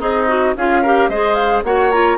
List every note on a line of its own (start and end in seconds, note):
0.00 0.55 C4
0.00 0.54 D#4
0.00 0.27 G#4
0.00 0.55 D#5
0.28 0.55 F#4
0.56 1.09 C#4
0.56 0.85 F4
0.56 0.82 G#4
0.56 1.09 F5
0.82 1.12 G4
0.82 1.09 A#4
1.09 1.63 G#3
1.09 1.65 G#4
1.09 1.63 C5
1.09 1.35 D#5
1.35 1.62 F5
1.64 2.18 A#3
1.64 1.92 F#4
1.64 2.18 C#5
1.64 1.91 F#5
1.91 2.18 F4
1.91 2.18 A#5